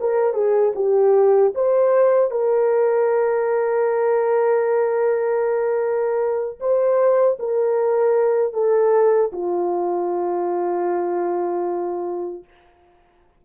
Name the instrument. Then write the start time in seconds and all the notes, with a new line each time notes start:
horn
0.00 A#4
0.34 G#4
0.75 G4
1.55 C5
2.31 A#4
6.60 C5
7.39 A#4
8.53 A4
9.32 F4